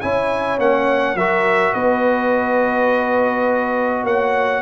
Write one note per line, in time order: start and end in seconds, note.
0.00 0.58 C#4
0.00 0.59 E4
0.00 1.17 C#5
0.00 0.58 G#5
0.58 1.14 A#3
0.58 1.16 C#4
0.58 1.16 F#5
1.14 1.72 F#3
1.14 4.62 F#4
1.14 1.72 A#4
1.14 1.73 E5
1.72 4.03 B3
1.72 4.03 B4
1.72 4.04 D#5
4.03 4.61 A#3
4.03 4.62 C#5
4.03 4.62 F#5